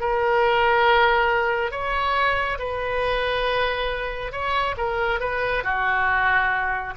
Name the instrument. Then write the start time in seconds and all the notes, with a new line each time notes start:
oboe
0.00 A#4
1.71 C#5
2.59 B4
4.32 C#5
4.77 A#4
5.21 B4
5.64 F#4